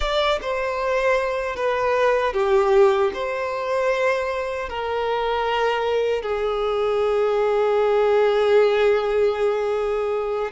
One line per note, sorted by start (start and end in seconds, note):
0.00 0.39 D5
0.41 1.55 C5
1.55 2.33 B4
2.33 3.11 G4
3.13 4.69 C5
4.69 6.22 A#4
6.22 10.51 G#4